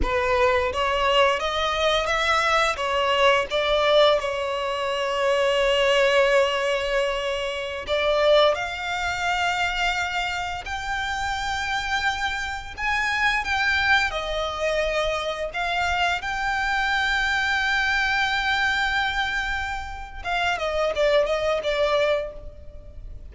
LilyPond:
\new Staff \with { instrumentName = "violin" } { \time 4/4 \tempo 4 = 86 b'4 cis''4 dis''4 e''4 | cis''4 d''4 cis''2~ | cis''2.~ cis''16 d''8.~ | d''16 f''2. g''8.~ |
g''2~ g''16 gis''4 g''8.~ | g''16 dis''2 f''4 g''8.~ | g''1~ | g''4 f''8 dis''8 d''8 dis''8 d''4 | }